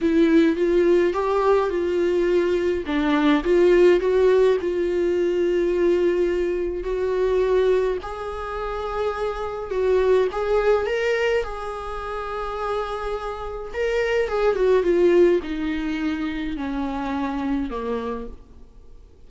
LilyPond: \new Staff \with { instrumentName = "viola" } { \time 4/4 \tempo 4 = 105 e'4 f'4 g'4 f'4~ | f'4 d'4 f'4 fis'4 | f'1 | fis'2 gis'2~ |
gis'4 fis'4 gis'4 ais'4 | gis'1 | ais'4 gis'8 fis'8 f'4 dis'4~ | dis'4 cis'2 ais4 | }